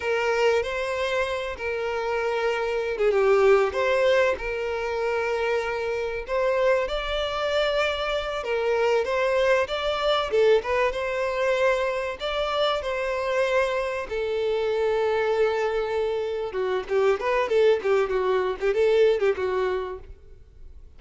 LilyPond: \new Staff \with { instrumentName = "violin" } { \time 4/4 \tempo 4 = 96 ais'4 c''4. ais'4.~ | ais'8. gis'16 g'4 c''4 ais'4~ | ais'2 c''4 d''4~ | d''4. ais'4 c''4 d''8~ |
d''8 a'8 b'8 c''2 d''8~ | d''8 c''2 a'4.~ | a'2~ a'8 fis'8 g'8 b'8 | a'8 g'8 fis'8. g'16 a'8. g'16 fis'4 | }